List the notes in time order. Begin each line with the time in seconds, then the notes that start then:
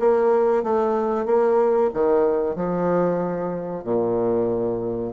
0.00 A#3
0.63 A3
1.26 A#3
1.94 D#3
2.56 F3
3.84 A#2